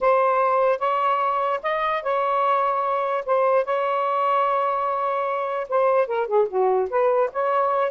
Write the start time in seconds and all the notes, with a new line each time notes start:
0.01 C5
0.79 C#5
1.63 D#5
2.02 C#5
3.25 C5
3.64 C#5
5.68 C5
6.07 A#4
6.27 G#4
6.48 F#4
6.89 B4
7.32 C#5